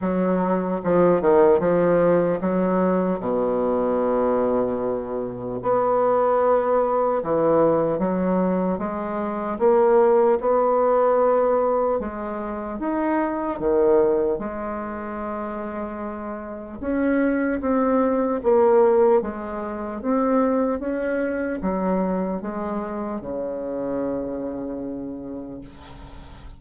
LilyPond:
\new Staff \with { instrumentName = "bassoon" } { \time 4/4 \tempo 4 = 75 fis4 f8 dis8 f4 fis4 | b,2. b4~ | b4 e4 fis4 gis4 | ais4 b2 gis4 |
dis'4 dis4 gis2~ | gis4 cis'4 c'4 ais4 | gis4 c'4 cis'4 fis4 | gis4 cis2. | }